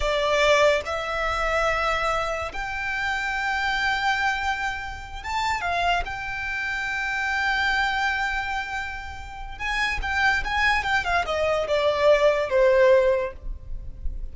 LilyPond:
\new Staff \with { instrumentName = "violin" } { \time 4/4 \tempo 4 = 144 d''2 e''2~ | e''2 g''2~ | g''1~ | g''8 a''4 f''4 g''4.~ |
g''1~ | g''2. gis''4 | g''4 gis''4 g''8 f''8 dis''4 | d''2 c''2 | }